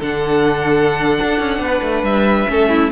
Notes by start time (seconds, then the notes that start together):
0.00 D3 D4 A4 F#5
1.22 D4
1.40 C#4
1.60 B3
1.66 B4
1.82 A3
2.03 G3 E5
2.48 A3 C#4 A4
2.69 E4